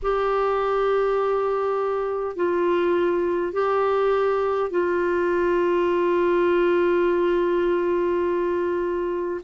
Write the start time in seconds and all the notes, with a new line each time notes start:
0.02 G4
2.35 F4
3.52 G4
4.70 F4